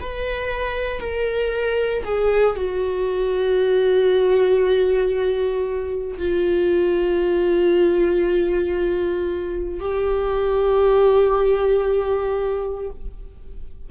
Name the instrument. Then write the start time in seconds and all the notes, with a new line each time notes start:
viola
0.00 B4
1.00 A#4
2.05 G#4
2.56 F#4
6.18 F4
9.80 G4